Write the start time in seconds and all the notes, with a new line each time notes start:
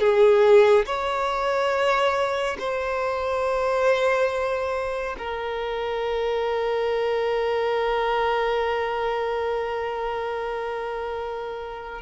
0.00 G#4
0.86 C#5
2.59 C5
5.19 A#4